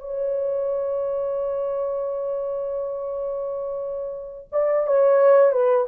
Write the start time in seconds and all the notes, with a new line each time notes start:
0.00 C#5
4.52 D5
4.87 C#5
5.52 B4